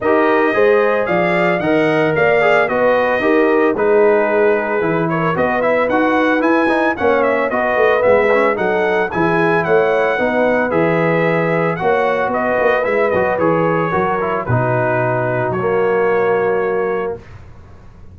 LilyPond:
<<
  \new Staff \with { instrumentName = "trumpet" } { \time 4/4 \tempo 4 = 112 dis''2 f''4 fis''4 | f''4 dis''2 b'4~ | b'4. cis''8 dis''8 e''8 fis''4 | gis''4 fis''8 e''8 dis''4 e''4 |
fis''4 gis''4 fis''2 | e''2 fis''4 dis''4 | e''8 dis''8 cis''2 b'4~ | b'4 cis''2. | }
  \new Staff \with { instrumentName = "horn" } { \time 4/4 ais'4 c''4 d''4 dis''4 | d''4 b'4 ais'4 gis'4~ | gis'4. ais'8 b'2~ | b'4 cis''4 b'2 |
a'4 gis'4 cis''4 b'4~ | b'2 cis''4 b'4~ | b'2 ais'4 fis'4~ | fis'1 | }
  \new Staff \with { instrumentName = "trombone" } { \time 4/4 g'4 gis'2 ais'4~ | ais'8 gis'8 fis'4 g'4 dis'4~ | dis'4 e'4 fis'8 e'8 fis'4 | e'8 dis'8 cis'4 fis'4 b8 cis'8 |
dis'4 e'2 dis'4 | gis'2 fis'2 | e'8 fis'8 gis'4 fis'8 e'8 dis'4~ | dis'4 ais2. | }
  \new Staff \with { instrumentName = "tuba" } { \time 4/4 dis'4 gis4 f4 dis4 | ais4 b4 dis'4 gis4~ | gis4 e4 b4 dis'4 | e'4 ais4 b8 a8 gis4 |
fis4 e4 a4 b4 | e2 ais4 b8 ais8 | gis8 fis8 e4 fis4 b,4~ | b,4 fis2. | }
>>